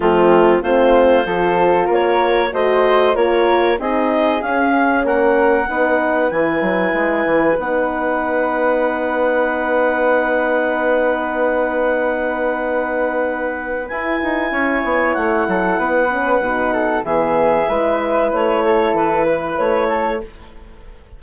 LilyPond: <<
  \new Staff \with { instrumentName = "clarinet" } { \time 4/4 \tempo 4 = 95 f'4 c''2 cis''4 | dis''4 cis''4 dis''4 f''4 | fis''2 gis''2 | fis''1~ |
fis''1~ | fis''2 gis''2 | fis''2. e''4~ | e''4 cis''4 b'4 cis''4 | }
  \new Staff \with { instrumentName = "flute" } { \time 4/4 c'4 f'4 a'4 ais'4 | c''4 ais'4 gis'2 | ais'4 b'2.~ | b'1~ |
b'1~ | b'2. cis''4~ | cis''8 a'8 b'4. a'8 gis'4 | b'4. a'4 b'4 a'8 | }
  \new Staff \with { instrumentName = "horn" } { \time 4/4 a4 c'4 f'2 | fis'4 f'4 dis'4 cis'4~ | cis'4 dis'4 e'2 | dis'1~ |
dis'1~ | dis'2 e'2~ | e'4. cis'8 dis'4 b4 | e'1 | }
  \new Staff \with { instrumentName = "bassoon" } { \time 4/4 f4 a4 f4 ais4 | a4 ais4 c'4 cis'4 | ais4 b4 e8 fis8 gis8 e8 | b1~ |
b1~ | b2 e'8 dis'8 cis'8 b8 | a8 fis8 b4 b,4 e4 | gis4 a4 e4 a4 | }
>>